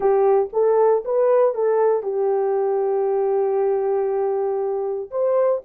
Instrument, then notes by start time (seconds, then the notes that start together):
horn
0.00 G4
0.52 A4
1.04 B4
1.54 A4
2.02 G4
5.10 C5